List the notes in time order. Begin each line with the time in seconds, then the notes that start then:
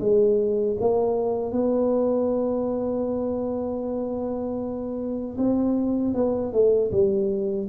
0.00 G#3
0.80 A#3
1.52 B3
5.37 C4
6.14 B3
6.53 A3
6.92 G3